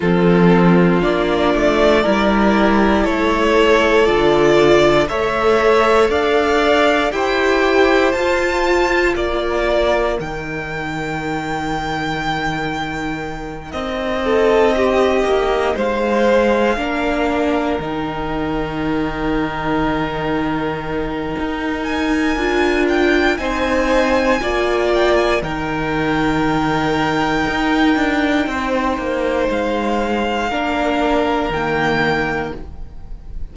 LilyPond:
<<
  \new Staff \with { instrumentName = "violin" } { \time 4/4 \tempo 4 = 59 a'4 d''2 cis''4 | d''4 e''4 f''4 g''4 | a''4 d''4 g''2~ | g''4. dis''2 f''8~ |
f''4. g''2~ g''8~ | g''4. gis''4 g''8 gis''4~ | gis''8 g''16 gis''16 g''2.~ | g''4 f''2 g''4 | }
  \new Staff \with { instrumentName = "violin" } { \time 4/4 f'2 ais'4 a'4~ | a'4 cis''4 d''4 c''4~ | c''4 ais'2.~ | ais'2 a'8 g'4 c''8~ |
c''8 ais'2.~ ais'8~ | ais'2. c''4 | d''4 ais'2. | c''2 ais'2 | }
  \new Staff \with { instrumentName = "viola" } { \time 4/4 c'4 d'4 e'2 | f'4 a'2 g'4 | f'2 dis'2~ | dis'1~ |
dis'8 d'4 dis'2~ dis'8~ | dis'2 f'4 dis'4 | f'4 dis'2.~ | dis'2 d'4 ais4 | }
  \new Staff \with { instrumentName = "cello" } { \time 4/4 f4 ais8 a8 g4 a4 | d4 a4 d'4 e'4 | f'4 ais4 dis2~ | dis4. c'4. ais8 gis8~ |
gis8 ais4 dis2~ dis8~ | dis4 dis'4 d'4 c'4 | ais4 dis2 dis'8 d'8 | c'8 ais8 gis4 ais4 dis4 | }
>>